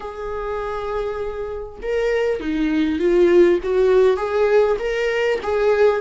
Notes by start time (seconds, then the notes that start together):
0.00 G#4
1.82 A#4
2.40 D#4
2.99 F4
3.63 F#4
4.16 G#4
4.79 A#4
5.42 G#4